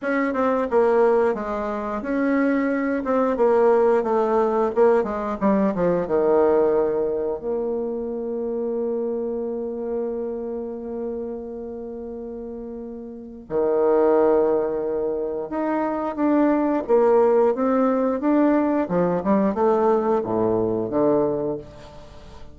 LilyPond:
\new Staff \with { instrumentName = "bassoon" } { \time 4/4 \tempo 4 = 89 cis'8 c'8 ais4 gis4 cis'4~ | cis'8 c'8 ais4 a4 ais8 gis8 | g8 f8 dis2 ais4~ | ais1~ |
ais1 | dis2. dis'4 | d'4 ais4 c'4 d'4 | f8 g8 a4 a,4 d4 | }